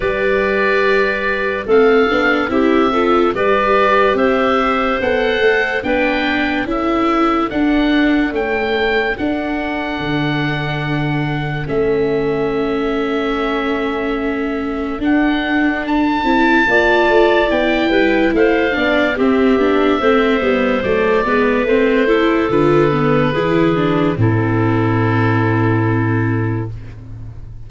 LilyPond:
<<
  \new Staff \with { instrumentName = "oboe" } { \time 4/4 \tempo 4 = 72 d''2 f''4 e''4 | d''4 e''4 fis''4 g''4 | e''4 fis''4 g''4 fis''4~ | fis''2 e''2~ |
e''2 fis''4 a''4~ | a''4 g''4 f''4 e''4~ | e''4 d''4 c''4 b'4~ | b'4 a'2. | }
  \new Staff \with { instrumentName = "clarinet" } { \time 4/4 b'2 a'4 g'8 a'8 | b'4 c''2 b'4 | a'1~ | a'1~ |
a'1 | d''4. b'8 c''8 d''8 g'4 | c''4. b'4 a'4. | gis'4 e'2. | }
  \new Staff \with { instrumentName = "viola" } { \time 4/4 g'2 c'8 d'8 e'8 f'8 | g'2 a'4 d'4 | e'4 d'4 a4 d'4~ | d'2 cis'2~ |
cis'2 d'4. e'8 | f'4 e'4. d'8 c'8 d'8 | c'8 b8 a8 b8 c'8 e'8 f'8 b8 | e'8 d'8 c'2. | }
  \new Staff \with { instrumentName = "tuba" } { \time 4/4 g2 a8 b8 c'4 | g4 c'4 b8 a8 b4 | cis'4 d'4 cis'4 d'4 | d2 a2~ |
a2 d'4. c'8 | ais8 a8 b8 g8 a8 b8 c'8 b8 | a8 g8 fis8 gis8 a4 d4 | e4 a,2. | }
>>